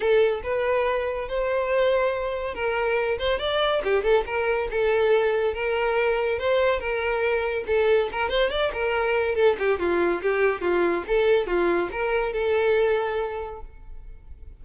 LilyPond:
\new Staff \with { instrumentName = "violin" } { \time 4/4 \tempo 4 = 141 a'4 b'2 c''4~ | c''2 ais'4. c''8 | d''4 g'8 a'8 ais'4 a'4~ | a'4 ais'2 c''4 |
ais'2 a'4 ais'8 c''8 | d''8 ais'4. a'8 g'8 f'4 | g'4 f'4 a'4 f'4 | ais'4 a'2. | }